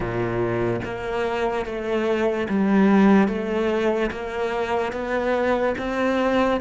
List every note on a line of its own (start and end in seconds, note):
0.00 0.80 A#2
0.84 1.65 A#3
1.65 2.47 A3
2.49 3.28 G3
3.28 4.10 A3
4.11 4.92 A#3
4.92 5.74 B3
5.78 6.60 C4